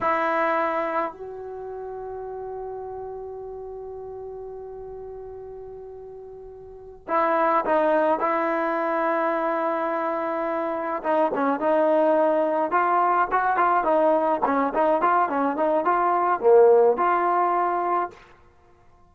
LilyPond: \new Staff \with { instrumentName = "trombone" } { \time 4/4 \tempo 4 = 106 e'2 fis'2~ | fis'1~ | fis'1~ | fis'8 e'4 dis'4 e'4.~ |
e'2.~ e'8 dis'8 | cis'8 dis'2 f'4 fis'8 | f'8 dis'4 cis'8 dis'8 f'8 cis'8 dis'8 | f'4 ais4 f'2 | }